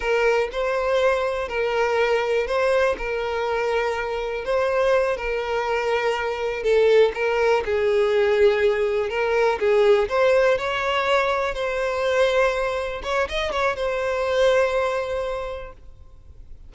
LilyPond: \new Staff \with { instrumentName = "violin" } { \time 4/4 \tempo 4 = 122 ais'4 c''2 ais'4~ | ais'4 c''4 ais'2~ | ais'4 c''4. ais'4.~ | ais'4. a'4 ais'4 gis'8~ |
gis'2~ gis'8 ais'4 gis'8~ | gis'8 c''4 cis''2 c''8~ | c''2~ c''8 cis''8 dis''8 cis''8 | c''1 | }